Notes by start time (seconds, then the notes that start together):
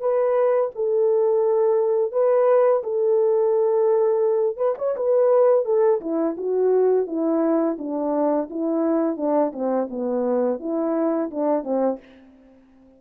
0.00 B4
0.75 A4
2.12 B4
2.83 A4
4.57 B4
4.78 C#5
4.96 B4
5.65 A4
6.01 E4
6.37 F#4
7.07 E4
7.79 D4
8.50 E4
9.17 D4
9.53 C4
9.90 B3
10.60 E4
11.31 D4
11.63 C4